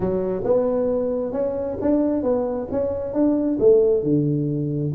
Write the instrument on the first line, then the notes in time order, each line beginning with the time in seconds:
tuba
0.00 F#3
0.44 B3
1.32 C#4
1.81 D4
2.23 B3
2.71 C#4
3.13 D4
3.59 A3
4.03 D3